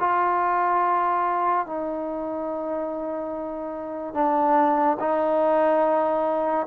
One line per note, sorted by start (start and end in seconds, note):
0.00 1.67 F4
1.67 4.14 D#4
4.14 4.98 D4
5.00 6.67 D#4